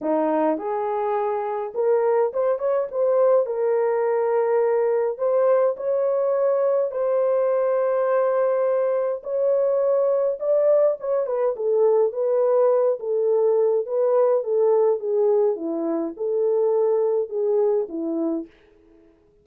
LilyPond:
\new Staff \with { instrumentName = "horn" } { \time 4/4 \tempo 4 = 104 dis'4 gis'2 ais'4 | c''8 cis''8 c''4 ais'2~ | ais'4 c''4 cis''2 | c''1 |
cis''2 d''4 cis''8 b'8 | a'4 b'4. a'4. | b'4 a'4 gis'4 e'4 | a'2 gis'4 e'4 | }